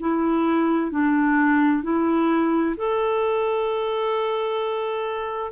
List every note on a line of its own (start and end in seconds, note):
0.00 0.91 E4
0.91 1.83 D4
1.83 2.76 E4
2.77 5.52 A4